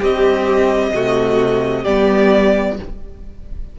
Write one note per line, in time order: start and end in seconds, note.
0.00 0.93 G3
0.00 0.92 C4
0.00 0.92 G4
0.00 1.84 D#5
0.92 1.84 C3
0.92 1.86 A3
0.92 1.82 F#4
1.82 2.78 G3
1.82 2.79 B3
1.82 2.75 G4
1.82 2.76 D5